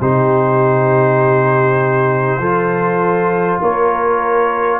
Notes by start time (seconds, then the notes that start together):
0.00 C3 D#4 G4 C5
2.38 F3 F4 A4
3.61 A#3 A#4 C#5